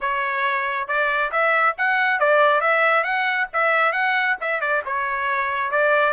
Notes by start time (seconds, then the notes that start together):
0.00 C#5
0.87 D5
1.31 E5
1.77 F#5
2.19 D5
2.60 E5
3.03 F#5
3.53 E5
3.92 F#5
4.40 E5
4.60 D5
4.85 C#5
5.71 D5